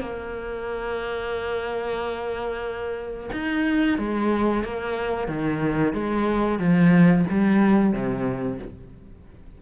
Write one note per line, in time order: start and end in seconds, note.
0.00 3.30 A#3
3.32 3.98 D#4
3.98 4.64 G#3
4.64 5.28 A#3
5.28 5.93 D#3
5.93 6.59 G#3
6.59 7.25 F3
7.30 7.93 G3
7.93 8.59 C3